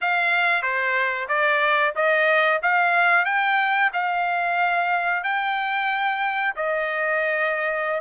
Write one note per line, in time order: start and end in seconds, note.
0.01 0.62 F5
0.62 1.27 C5
1.28 1.93 D5
1.95 2.61 D#5
2.62 3.25 F5
3.25 3.90 G5
3.93 5.23 F5
5.23 6.54 G5
6.55 8.00 D#5